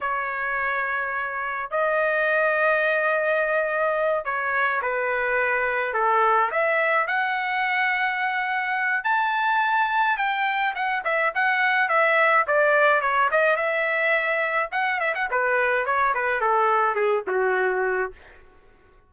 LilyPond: \new Staff \with { instrumentName = "trumpet" } { \time 4/4 \tempo 4 = 106 cis''2. dis''4~ | dis''2.~ dis''8 cis''8~ | cis''8 b'2 a'4 e''8~ | e''8 fis''2.~ fis''8 |
a''2 g''4 fis''8 e''8 | fis''4 e''4 d''4 cis''8 dis''8 | e''2 fis''8 e''16 fis''16 b'4 | cis''8 b'8 a'4 gis'8 fis'4. | }